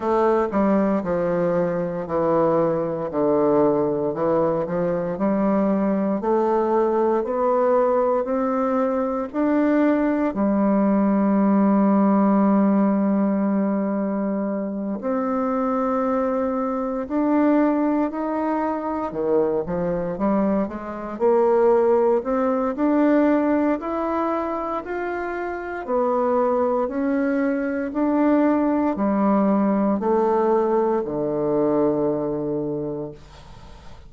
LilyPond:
\new Staff \with { instrumentName = "bassoon" } { \time 4/4 \tempo 4 = 58 a8 g8 f4 e4 d4 | e8 f8 g4 a4 b4 | c'4 d'4 g2~ | g2~ g8 c'4.~ |
c'8 d'4 dis'4 dis8 f8 g8 | gis8 ais4 c'8 d'4 e'4 | f'4 b4 cis'4 d'4 | g4 a4 d2 | }